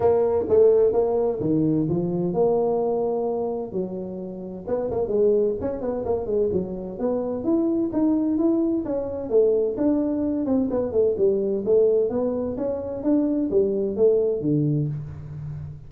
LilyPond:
\new Staff \with { instrumentName = "tuba" } { \time 4/4 \tempo 4 = 129 ais4 a4 ais4 dis4 | f4 ais2. | fis2 b8 ais8 gis4 | cis'8 b8 ais8 gis8 fis4 b4 |
e'4 dis'4 e'4 cis'4 | a4 d'4. c'8 b8 a8 | g4 a4 b4 cis'4 | d'4 g4 a4 d4 | }